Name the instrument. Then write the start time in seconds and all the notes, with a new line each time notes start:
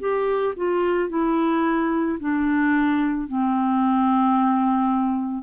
clarinet
0.00 G4
0.57 F4
1.10 E4
2.20 D4
3.28 C4